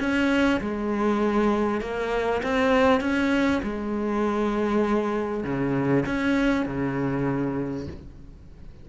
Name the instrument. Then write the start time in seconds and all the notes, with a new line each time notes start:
cello
0.00 C#4
0.61 G#3
1.81 A#3
2.43 C4
3.01 C#4
3.63 G#3
5.44 C#3
6.06 C#4
6.66 C#3